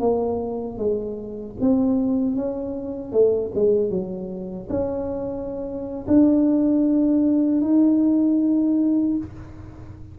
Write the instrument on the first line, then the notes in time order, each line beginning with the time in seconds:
tuba
0.00 A#3
0.78 G#3
1.61 C4
2.36 C#4
3.12 A3
3.55 G#3
3.90 F#3
4.70 C#4
6.07 D4
7.61 D#4